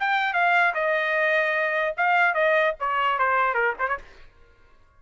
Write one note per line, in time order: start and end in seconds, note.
0.00 0.34 G5
0.34 0.74 F5
0.74 1.95 D#5
1.97 2.34 F5
2.34 2.74 D#5
2.80 3.19 C#5
3.19 3.54 C5
3.54 3.74 A#4
3.79 3.88 C5
3.88 3.98 C#5